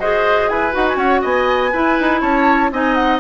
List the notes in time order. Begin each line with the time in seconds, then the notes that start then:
0.00 F#4 G#4 C5 D#5
0.49 E4 B4 G#5
0.72 D#4 F#4 F#5
0.89 G#5
0.96 C#4 C#5 F#5
1.22 B3 D#5 G#5
1.72 E4 B4
2.01 D#4
2.21 C#4 C#5 A5
2.72 C4 D#4 D#5 G#5
2.95 F#5